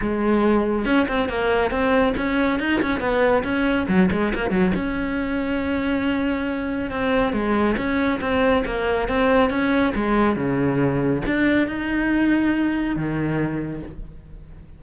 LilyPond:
\new Staff \with { instrumentName = "cello" } { \time 4/4 \tempo 4 = 139 gis2 cis'8 c'8 ais4 | c'4 cis'4 dis'8 cis'8 b4 | cis'4 fis8 gis8 ais8 fis8 cis'4~ | cis'1 |
c'4 gis4 cis'4 c'4 | ais4 c'4 cis'4 gis4 | cis2 d'4 dis'4~ | dis'2 dis2 | }